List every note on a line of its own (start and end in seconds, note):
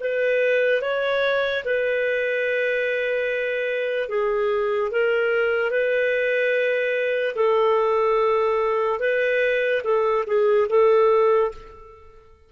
0.00 0.82 B4
0.82 1.64 C#5
1.65 4.09 B4
4.09 4.91 G#4
4.91 5.71 A#4
5.71 7.35 B4
7.35 9.00 A4
9.00 9.82 B4
9.84 10.25 A4
10.27 10.68 G#4
10.69 11.51 A4